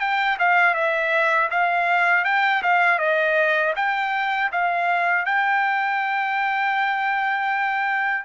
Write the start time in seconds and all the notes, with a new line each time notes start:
0.00 G5
0.39 F5
0.74 E5
1.51 F5
2.25 G5
2.62 F5
2.99 D#5
3.76 G5
4.52 F5
5.25 G5